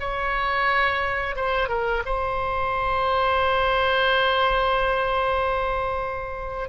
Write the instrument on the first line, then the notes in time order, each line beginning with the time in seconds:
oboe
0.00 C#5
1.36 C5
1.69 A#4
2.06 C5